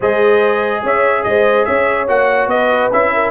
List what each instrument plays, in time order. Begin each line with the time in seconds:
0.00 tuba G#3, trombone G#4, horn C5, trumpet D#5
0.83 tuba C#4, horn C#5, trumpet E5
1.23 tuba G#3, horn C5, trumpet D#5
1.65 tuba C#4, horn C#5, trumpet E5
2.07 tuba A#3, trombone F#4, trumpet F#5
2.46 tuba B3, horn B4, trumpet D#5
2.92 tuba C#4, trombone E4, trumpet E5
3.13 horn A#4